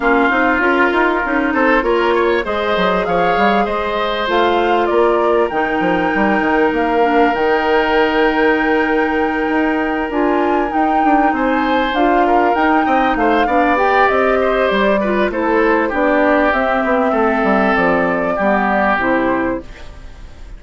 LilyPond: <<
  \new Staff \with { instrumentName = "flute" } { \time 4/4 \tempo 4 = 98 f''4 ais'4. c''8 cis''4 | dis''4 f''4 dis''4 f''4 | d''4 g''2 f''4 | g''1~ |
g''8 gis''4 g''4 gis''4 f''8~ | f''8 g''4 f''4 g''8 dis''4 | d''4 c''4 d''4 e''4~ | e''4 d''2 c''4 | }
  \new Staff \with { instrumentName = "oboe" } { \time 4/4 f'2~ f'8 a'8 ais'8 cis''8 | c''4 cis''4 c''2 | ais'1~ | ais'1~ |
ais'2~ ais'8 c''4. | ais'4 dis''8 c''8 d''4. c''8~ | c''8 b'8 a'4 g'2 | a'2 g'2 | }
  \new Staff \with { instrumentName = "clarinet" } { \time 4/4 cis'8 dis'8 f'4 dis'4 f'4 | gis'2. f'4~ | f'4 dis'2~ dis'8 d'8 | dis'1~ |
dis'8 f'4 dis'2 f'8~ | f'8 dis'4. d'8 g'4.~ | g'8 f'8 e'4 d'4 c'4~ | c'2 b4 e'4 | }
  \new Staff \with { instrumentName = "bassoon" } { \time 4/4 ais8 c'8 cis'8 dis'8 cis'8 c'8 ais4 | gis8 fis8 f8 g8 gis4 a4 | ais4 dis8 f8 g8 dis8 ais4 | dis2.~ dis8 dis'8~ |
dis'8 d'4 dis'8 d'8 c'4 d'8~ | d'8 dis'8 c'8 a8 b4 c'4 | g4 a4 b4 c'8 b8 | a8 g8 f4 g4 c4 | }
>>